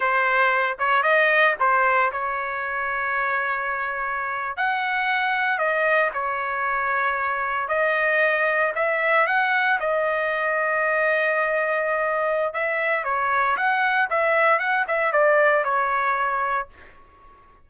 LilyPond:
\new Staff \with { instrumentName = "trumpet" } { \time 4/4 \tempo 4 = 115 c''4. cis''8 dis''4 c''4 | cis''1~ | cis''8. fis''2 dis''4 cis''16~ | cis''2~ cis''8. dis''4~ dis''16~ |
dis''8. e''4 fis''4 dis''4~ dis''16~ | dis''1 | e''4 cis''4 fis''4 e''4 | fis''8 e''8 d''4 cis''2 | }